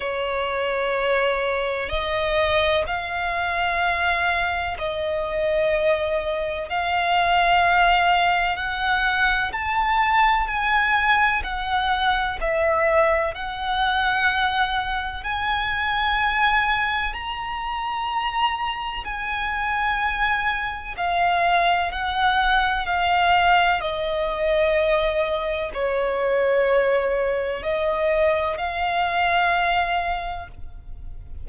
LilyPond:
\new Staff \with { instrumentName = "violin" } { \time 4/4 \tempo 4 = 63 cis''2 dis''4 f''4~ | f''4 dis''2 f''4~ | f''4 fis''4 a''4 gis''4 | fis''4 e''4 fis''2 |
gis''2 ais''2 | gis''2 f''4 fis''4 | f''4 dis''2 cis''4~ | cis''4 dis''4 f''2 | }